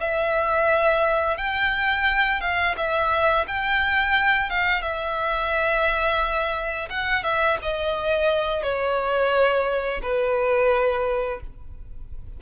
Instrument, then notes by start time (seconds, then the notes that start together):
violin
0.00 E5
1.37 G5
2.40 F5
2.76 E5
3.47 G5
4.50 F5
4.82 E5
6.90 F#5
7.23 E5
7.62 D#5
8.62 C#5
10.02 B4